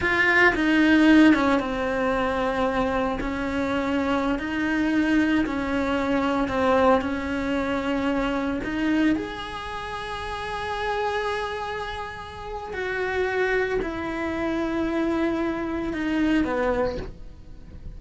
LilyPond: \new Staff \with { instrumentName = "cello" } { \time 4/4 \tempo 4 = 113 f'4 dis'4. cis'8 c'4~ | c'2 cis'2~ | cis'16 dis'2 cis'4.~ cis'16~ | cis'16 c'4 cis'2~ cis'8.~ |
cis'16 dis'4 gis'2~ gis'8.~ | gis'1 | fis'2 e'2~ | e'2 dis'4 b4 | }